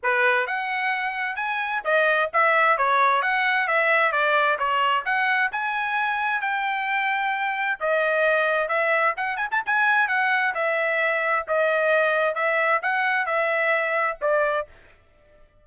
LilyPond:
\new Staff \with { instrumentName = "trumpet" } { \time 4/4 \tempo 4 = 131 b'4 fis''2 gis''4 | dis''4 e''4 cis''4 fis''4 | e''4 d''4 cis''4 fis''4 | gis''2 g''2~ |
g''4 dis''2 e''4 | fis''8 gis''16 a''16 gis''4 fis''4 e''4~ | e''4 dis''2 e''4 | fis''4 e''2 d''4 | }